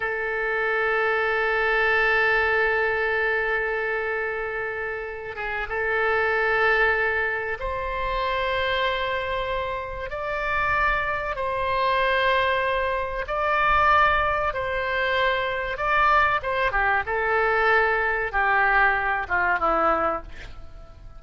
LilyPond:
\new Staff \with { instrumentName = "oboe" } { \time 4/4 \tempo 4 = 95 a'1~ | a'1~ | a'8 gis'8 a'2. | c''1 |
d''2 c''2~ | c''4 d''2 c''4~ | c''4 d''4 c''8 g'8 a'4~ | a'4 g'4. f'8 e'4 | }